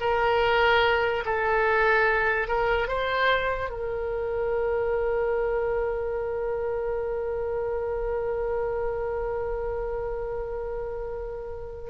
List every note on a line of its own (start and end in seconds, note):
0.00 1.23 A#4
1.25 2.47 A4
2.47 2.87 A#4
2.87 3.69 C5
3.69 11.90 A#4